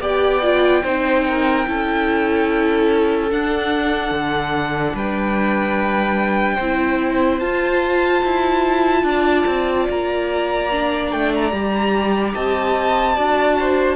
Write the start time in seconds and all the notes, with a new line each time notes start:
0.00 B3 G4 D5 G5
0.42 F4
0.82 C4 D#4 C5
1.27 A#4
1.65 C#4 E4 A4
3.30 D4 F#5
4.11 D3
4.94 G3 B4 G5
6.55 C4 C5
6.61 E4
7.39 F4 A5
8.24 E4
9.03 D4 D5
9.46 C4
9.89 A#3 A#5
10.71 D4
11.11 A3 G5
11.34 A#5
11.51 G3 G4
12.34 C4 D#5 A5
13.15 D4 F#4 D5
13.59 C5